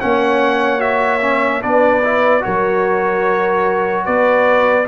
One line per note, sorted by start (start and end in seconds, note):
0.00 1.64 A#3
0.00 0.79 C#4
0.00 1.62 C#5
0.00 0.81 F#5
0.79 1.20 F#4
0.79 1.62 E5
1.21 1.61 C#4
1.62 2.45 B3
1.62 2.03 D4
1.62 2.44 B4
1.62 2.43 D5
2.04 2.41 E4
2.41 4.07 F#3
2.41 4.84 F#4
2.41 4.05 A#4
2.41 4.06 C#5
4.05 4.88 B3
4.05 4.86 B4
4.05 4.87 D5